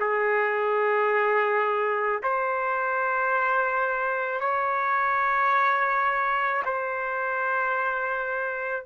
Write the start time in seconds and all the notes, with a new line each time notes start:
0.00 G#4
2.23 C5
4.40 C#5
6.65 C5